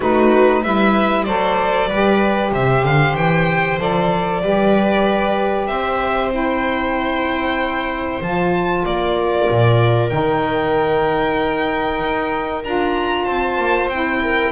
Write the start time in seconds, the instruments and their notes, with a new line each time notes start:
0.00 double bass A3, saxophone D#4, viola F#4, violin B4
0.61 double bass G3, saxophone E4, viola B4, violin E5
1.23 double bass F#3, saxophone A4, viola C5, violin D5
1.89 double bass G3, saxophone G4, viola B4
2.51 double bass C3, viola C5, violin E5
2.83 double bass D3, violin F5
3.14 double bass E3, violin G5
3.78 double bass F3, saxophone A4, violin D5
4.41 double bass G3, saxophone G4, viola B4
5.66 double bass C4, viola C5, violin E5
6.30 saxophone E4, violin G5
8.21 double bass F3, saxophone F4, violin A5
8.85 double bass A#3, viola A#4, violin D5
9.49 double bass A#2
10.09 double bass D#3, saxophone D#4, violin G5
12.01 double bass D#4
12.64 double bass D4, saxophone F4, violin A#5
13.24 double bass C4, viola C5, violin A5
13.58 double bass A#3
13.87 double bass C4, saxophone E4, violin G5
14.23 viola A#4